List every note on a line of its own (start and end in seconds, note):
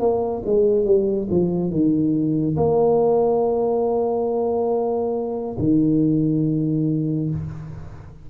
0.00 0.43 A#3
0.46 0.85 G#3
0.85 1.28 G3
1.31 1.71 F3
1.71 2.56 D#3
2.57 5.57 A#3
5.59 7.31 D#3